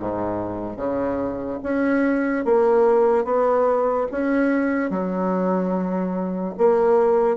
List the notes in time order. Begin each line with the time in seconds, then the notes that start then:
0.00 G#2
0.77 C#3
1.64 C#4
2.45 A#3
3.25 B3
4.12 C#4
4.91 F#3
6.58 A#3